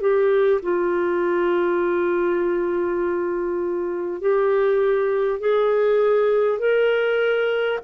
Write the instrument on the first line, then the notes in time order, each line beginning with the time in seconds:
clarinet
0.00 G4
0.62 F4
4.21 G4
5.39 G#4
6.58 A#4